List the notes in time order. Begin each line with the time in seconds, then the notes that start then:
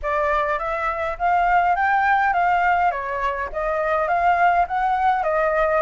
0.02 D5
0.58 E5
1.18 F5
1.75 G5
2.33 F5
2.91 C#5
3.52 D#5
4.08 F5
4.67 F#5
5.23 D#5